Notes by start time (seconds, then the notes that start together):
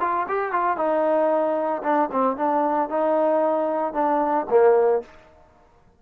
0.00 F4
0.28 G4
0.52 F4
0.77 D#4
1.83 D4
2.11 C4
2.36 D4
2.89 D#4
3.93 D4
4.49 A#3